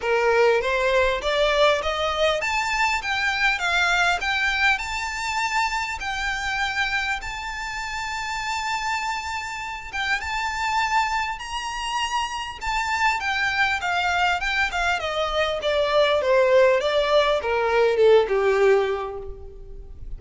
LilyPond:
\new Staff \with { instrumentName = "violin" } { \time 4/4 \tempo 4 = 100 ais'4 c''4 d''4 dis''4 | a''4 g''4 f''4 g''4 | a''2 g''2 | a''1~ |
a''8 g''8 a''2 ais''4~ | ais''4 a''4 g''4 f''4 | g''8 f''8 dis''4 d''4 c''4 | d''4 ais'4 a'8 g'4. | }